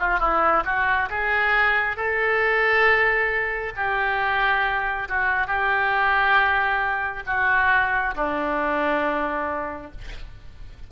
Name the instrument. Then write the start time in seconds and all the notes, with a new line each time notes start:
oboe
0.00 F4
0.20 E4
0.65 F#4
1.10 G#4
1.97 A4
3.77 G4
5.09 F#4
5.47 G4
7.27 F#4
8.15 D4